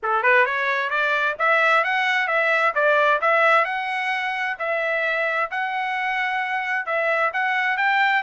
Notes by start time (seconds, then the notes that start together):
0.02 A4
0.22 B4
0.45 C#5
0.90 D5
1.38 E5
1.84 F#5
2.27 E5
2.74 D5
3.21 E5
3.65 F#5
4.58 E5
5.50 F#5
6.86 E5
7.33 F#5
7.77 G5